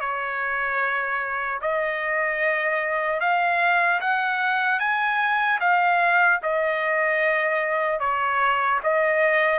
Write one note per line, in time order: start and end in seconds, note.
0.00 1.60 C#5
1.61 3.20 D#5
3.20 4.00 F5
4.01 4.80 F#5
4.80 5.60 G#5
5.60 6.40 F5
6.43 8.00 D#5
8.00 8.80 C#5
8.83 9.59 D#5